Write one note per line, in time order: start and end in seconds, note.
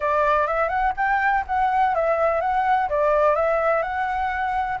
0.00 0.47 D5
0.47 0.68 E5
0.68 0.92 F#5
0.96 1.44 G5
1.46 1.94 F#5
1.95 2.40 E5
2.40 2.88 F#5
2.89 3.35 D5
3.35 3.82 E5
3.82 4.78 F#5